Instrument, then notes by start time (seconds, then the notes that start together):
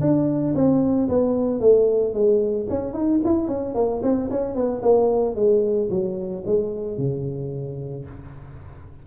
tuba
0.00 D4
0.55 C4
1.08 B3
1.60 A3
2.13 G#3
2.69 C#4
2.93 D#4
3.24 E4
3.47 C#4
3.74 A#3
4.02 C4
4.30 C#4
4.54 B3
4.82 A#3
5.35 G#3
5.90 F#3
6.45 G#3
6.97 C#3